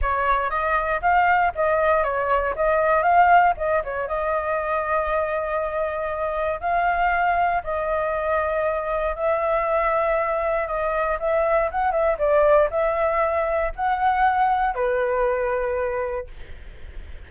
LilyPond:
\new Staff \with { instrumentName = "flute" } { \time 4/4 \tempo 4 = 118 cis''4 dis''4 f''4 dis''4 | cis''4 dis''4 f''4 dis''8 cis''8 | dis''1~ | dis''4 f''2 dis''4~ |
dis''2 e''2~ | e''4 dis''4 e''4 fis''8 e''8 | d''4 e''2 fis''4~ | fis''4 b'2. | }